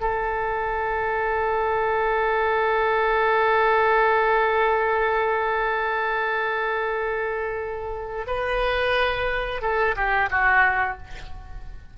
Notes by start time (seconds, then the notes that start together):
0.00 A4
8.26 B4
9.61 A4
9.96 G4
10.30 F#4